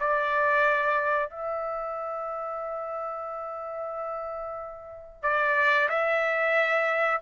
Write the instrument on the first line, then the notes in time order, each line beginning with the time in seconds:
trumpet
0.00 D5
1.30 E5
5.23 D5
5.89 E5